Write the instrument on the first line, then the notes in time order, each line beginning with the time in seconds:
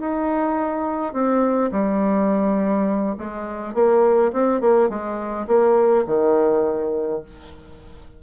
bassoon
0.00 D#4
1.13 C4
1.72 G3
3.18 G#3
3.74 A#3
4.33 C4
4.61 A#3
4.89 G#3
5.47 A#3
6.07 D#3